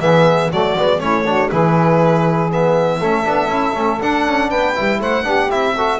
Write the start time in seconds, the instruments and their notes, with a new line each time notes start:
0.00 double bass E3, trombone B3, saxophone G#4, violin E5
0.48 double bass F#3, trombone A3, saxophone F#4, violin D5
0.77 double bass G#3, trombone B3
0.99 double bass A3, trombone C#4, saxophone E4, violin C#5
1.25 trombone D4, saxophone F#4
1.50 double bass E3, trombone E4, saxophone G#4, violin B4
2.50 trombone B3, violin E5
2.98 double bass A3, trombone C#4, saxophone A4
3.24 double bass B3, trombone D4
3.48 double bass C#4, trombone E4
3.74 double bass A3, trombone C#4
4.01 trombone D4, double bass D4, violin F#5
4.26 double bass C#4
4.49 double bass B3, saxophone B4, violin G5
4.75 double bass G3, trombone E4
4.99 double bass A3, saxophone C5, violin F#5
5.23 double bass B3, trombone D4, saxophone G4
5.48 double bass C4, trombone E4, violin E5
5.74 trombone F#4, saxophone A4